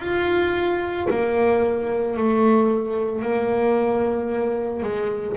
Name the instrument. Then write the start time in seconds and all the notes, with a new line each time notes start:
double bass
0.00 F4
1.10 A#3
2.17 A3
3.22 A#3
4.83 G#3